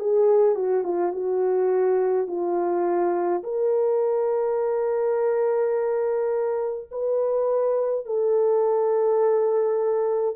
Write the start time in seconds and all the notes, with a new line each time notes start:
0.00 G#4
0.55 F#4
0.84 F4
1.12 F#4
2.28 F4
3.44 A#4
6.91 B4
8.06 A4